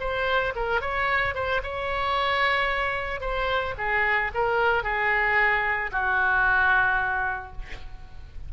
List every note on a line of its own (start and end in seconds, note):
0.00 0.54 C5
0.56 0.81 A#4
0.81 1.34 C#5
1.34 1.61 C5
1.63 3.21 C#5
3.21 3.74 C5
3.78 4.31 G#4
4.34 4.83 A#4
4.83 5.91 G#4
5.92 7.52 F#4